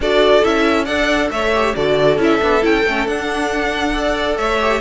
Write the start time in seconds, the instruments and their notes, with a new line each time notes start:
0.00 cello D4, viola F#4, violin A4 D5
0.43 cello C#4, viola E4, violin E5
0.84 cello D4, viola A4, violin D5 F#5
1.30 cello A3, violin C#5 E5
1.54 viola G4
1.75 cello D3, viola F#4, violin A4 D5
2.17 cello C#4, viola E4, violin E5
2.42 cello B3, viola D4
2.61 cello C#4, viola E4, violin G5
2.85 cello A3, viola C#4
3.06 cello D4, viola D4, violin F#5
3.92 viola A4, violin D5
4.37 cello A3, violin C#5 E5
4.60 viola G4